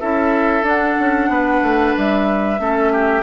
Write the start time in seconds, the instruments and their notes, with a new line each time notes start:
0.00 bassoon C#4, clarinet E4, oboe A4, flute E5
0.62 bassoon D4, clarinet D4, flute F#5
0.99 bassoon C#4
1.28 bassoon B3, oboe B4
1.62 bassoon A3
1.97 bassoon G3, flute E5
2.58 bassoon A3, clarinet C#4, oboe A4
2.92 oboe G4